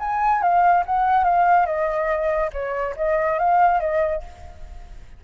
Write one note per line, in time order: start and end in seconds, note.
0.00 0.42 G#5
0.42 0.85 F5
0.86 1.24 F#5
1.24 1.66 F5
1.66 2.51 D#5
2.53 2.95 C#5
2.97 3.39 D#5
3.39 3.81 F5
3.81 4.23 D#5